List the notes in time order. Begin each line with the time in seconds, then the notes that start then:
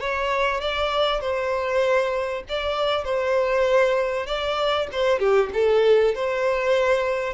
0.00 C#5
0.61 D5
1.21 C5
2.49 D5
3.04 C5
4.26 D5
4.92 C5
5.19 G4
5.54 A4
6.15 C5